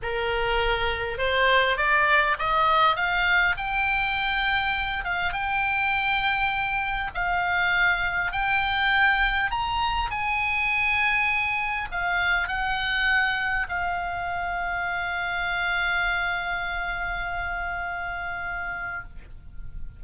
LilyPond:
\new Staff \with { instrumentName = "oboe" } { \time 4/4 \tempo 4 = 101 ais'2 c''4 d''4 | dis''4 f''4 g''2~ | g''8 f''8 g''2. | f''2 g''2 |
ais''4 gis''2. | f''4 fis''2 f''4~ | f''1~ | f''1 | }